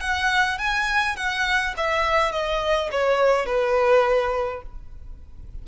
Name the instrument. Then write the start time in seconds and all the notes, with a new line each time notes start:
violin
0.00 F#5
0.58 G#5
1.16 F#5
1.77 E5
2.32 D#5
2.91 C#5
3.46 B4